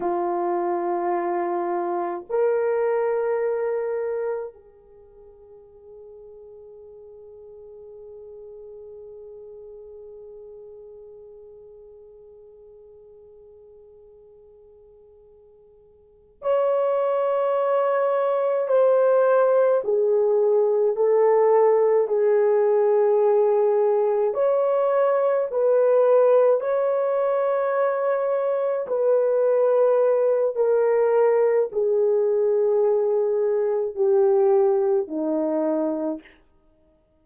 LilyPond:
\new Staff \with { instrumentName = "horn" } { \time 4/4 \tempo 4 = 53 f'2 ais'2 | gis'1~ | gis'1~ | gis'2~ gis'8 cis''4.~ |
cis''8 c''4 gis'4 a'4 gis'8~ | gis'4. cis''4 b'4 cis''8~ | cis''4. b'4. ais'4 | gis'2 g'4 dis'4 | }